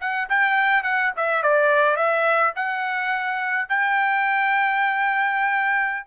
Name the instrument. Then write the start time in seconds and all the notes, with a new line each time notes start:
trumpet
0.00 F#5
0.29 G5
0.83 F#5
1.16 E5
1.43 D5
1.96 E5
2.55 F#5
3.68 G5